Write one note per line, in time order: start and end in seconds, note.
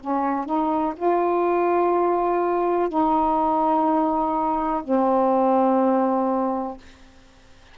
0.00 0.45 C#4
0.45 0.94 D#4
0.96 2.89 F4
2.89 4.83 D#4
4.84 6.77 C4